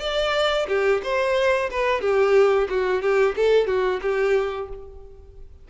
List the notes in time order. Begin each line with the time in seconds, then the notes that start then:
0.00 D5
0.68 G4
1.03 C5
1.71 B4
2.01 G4
2.70 F#4
3.02 G4
3.36 A4
3.67 F#4
4.02 G4